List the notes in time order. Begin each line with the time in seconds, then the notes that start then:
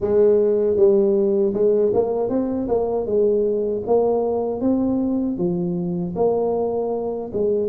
0.00 G#3
0.76 G3
1.53 G#3
1.93 A#3
2.29 C4
2.68 A#3
3.06 G#3
3.86 A#3
4.60 C4
5.37 F3
6.15 A#3
7.33 G#3